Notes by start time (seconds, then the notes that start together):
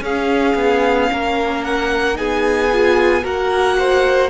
0.00 C#4 G#4 F5
0.55 B3
1.12 A#3 A#4
1.63 F#5
2.14 B3 D#4 G#4 G#5
2.72 F4
3.21 A#3 F#4 A#4 F#5
3.78 C5